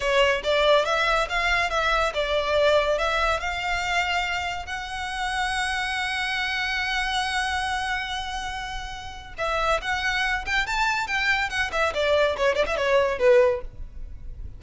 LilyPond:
\new Staff \with { instrumentName = "violin" } { \time 4/4 \tempo 4 = 141 cis''4 d''4 e''4 f''4 | e''4 d''2 e''4 | f''2. fis''4~ | fis''1~ |
fis''1~ | fis''2 e''4 fis''4~ | fis''8 g''8 a''4 g''4 fis''8 e''8 | d''4 cis''8 d''16 e''16 cis''4 b'4 | }